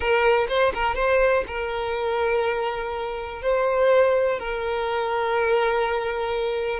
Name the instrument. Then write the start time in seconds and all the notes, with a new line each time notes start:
violin
0.00 A#4
0.48 C5
0.74 A#4
0.95 C5
1.47 A#4
3.42 C5
4.39 A#4